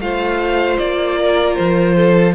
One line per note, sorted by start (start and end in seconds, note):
0.00 0.78 A3
0.00 2.35 F4
0.00 1.18 C5
0.00 0.78 F5
0.78 1.57 A#3
0.78 1.55 D5
1.18 1.96 A#4
1.55 2.35 F3
1.55 2.33 C5
1.96 2.35 A4